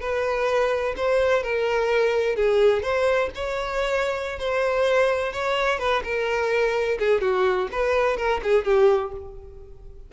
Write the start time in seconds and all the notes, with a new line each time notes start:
0.00 B4
0.96 C5
1.43 A#4
2.36 G#4
2.82 C5
3.35 C#5
4.39 C5
5.32 C#5
5.79 B4
6.04 A#4
6.99 G#4
7.21 F#4
7.71 B4
8.17 A#4
8.43 G#4
8.64 G4